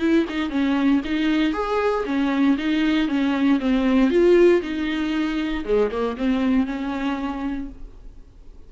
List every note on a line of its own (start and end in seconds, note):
0.00 0.26 E4
0.30 0.50 D#4
0.50 1.02 C#4
1.05 1.53 D#4
1.53 2.05 G#4
2.06 2.57 C#4
2.58 3.09 D#4
3.09 3.60 C#4
3.60 4.10 C4
4.10 4.62 F4
4.62 5.65 D#4
5.65 5.91 G#3
5.91 6.17 A#3
6.17 6.67 C4
6.67 7.69 C#4